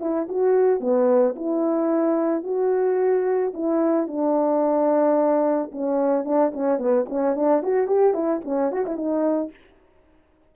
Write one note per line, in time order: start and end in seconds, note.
0.00 0.27 E4
0.28 0.80 F#4
0.80 1.35 B3
1.36 2.43 E4
2.43 3.52 F#4
3.54 4.07 E4
4.07 5.71 D4
5.71 6.24 C#4
6.24 6.51 D4
6.53 6.78 C#4
6.78 7.05 B3
7.09 7.35 C#4
7.35 7.62 D4
7.62 7.87 F#4
7.87 8.13 G4
8.13 8.41 E4
8.44 8.71 C#4
8.71 8.85 F#4
8.85 8.96 E4
8.96 9.50 D#4